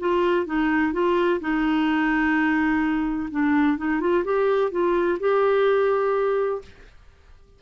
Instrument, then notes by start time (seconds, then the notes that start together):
clarinet
0.00 F4
0.46 D#4
0.93 F4
1.41 D#4
3.31 D4
3.78 D#4
4.01 F4
4.25 G4
4.71 F4
5.20 G4